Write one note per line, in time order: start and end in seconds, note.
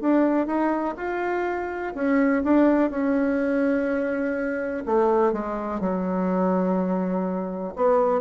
0.00 0.46 D4
0.46 0.95 D#4
0.97 1.94 F4
1.94 2.43 C#4
2.44 2.90 D4
2.90 4.84 C#4
4.86 5.32 A3
5.32 5.80 G#3
5.80 7.74 F#3
7.76 8.20 B3